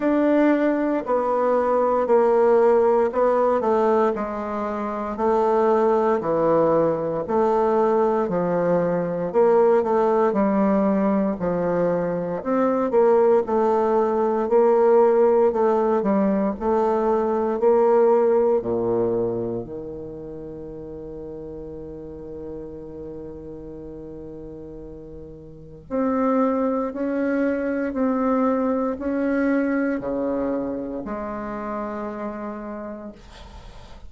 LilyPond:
\new Staff \with { instrumentName = "bassoon" } { \time 4/4 \tempo 4 = 58 d'4 b4 ais4 b8 a8 | gis4 a4 e4 a4 | f4 ais8 a8 g4 f4 | c'8 ais8 a4 ais4 a8 g8 |
a4 ais4 ais,4 dis4~ | dis1~ | dis4 c'4 cis'4 c'4 | cis'4 cis4 gis2 | }